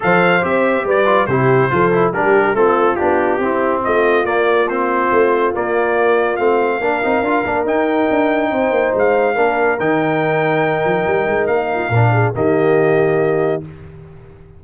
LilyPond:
<<
  \new Staff \with { instrumentName = "trumpet" } { \time 4/4 \tempo 4 = 141 f''4 e''4 d''4 c''4~ | c''4 ais'4 a'4 g'4~ | g'4 dis''4 d''4 c''4~ | c''4 d''2 f''4~ |
f''2 g''2~ | g''4 f''2 g''4~ | g''2. f''4~ | f''4 dis''2. | }
  \new Staff \with { instrumentName = "horn" } { \time 4/4 c''2 b'4 g'4 | a'4 g'4 f'2 | e'4 f'2.~ | f'1 |
ais'1 | c''2 ais'2~ | ais'2.~ ais'8 f'8 | ais'8 gis'8 g'2. | }
  \new Staff \with { instrumentName = "trombone" } { \time 4/4 a'4 g'4. f'8 e'4 | f'8 e'8 d'4 c'4 d'4 | c'2 ais4 c'4~ | c'4 ais2 c'4 |
d'8 dis'8 f'8 d'8 dis'2~ | dis'2 d'4 dis'4~ | dis'1 | d'4 ais2. | }
  \new Staff \with { instrumentName = "tuba" } { \time 4/4 f4 c'4 g4 c4 | f4 g4 a4 b4 | c'4 a4 ais2 | a4 ais2 a4 |
ais8 c'8 d'8 ais8 dis'4 d'4 | c'8 ais8 gis4 ais4 dis4~ | dis4. f8 g8 gis8 ais4 | ais,4 dis2. | }
>>